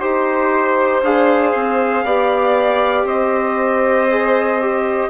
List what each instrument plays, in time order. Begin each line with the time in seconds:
0.00 bassoon D#4, trombone G4, trumpet C5, violin C5
1.03 bassoon D4, trombone G#4, trumpet F5
1.54 bassoon C4
2.05 bassoon B3, trombone G4, violin D5
3.04 bassoon C4, violin C5, trumpet D#5
4.11 trombone G#4
4.61 trombone G4